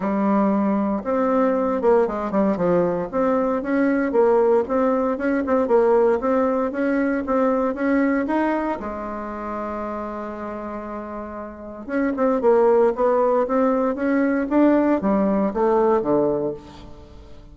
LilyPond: \new Staff \with { instrumentName = "bassoon" } { \time 4/4 \tempo 4 = 116 g2 c'4. ais8 | gis8 g8 f4 c'4 cis'4 | ais4 c'4 cis'8 c'8 ais4 | c'4 cis'4 c'4 cis'4 |
dis'4 gis2.~ | gis2. cis'8 c'8 | ais4 b4 c'4 cis'4 | d'4 g4 a4 d4 | }